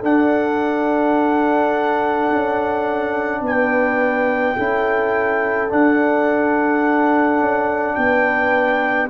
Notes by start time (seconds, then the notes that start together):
0.00 D4 A4 F#5
2.29 C#4
3.41 B3 B4 G5
4.56 C#4 E4 A4
5.69 D4 F#5
7.39 C#4
7.95 B3 B4 G5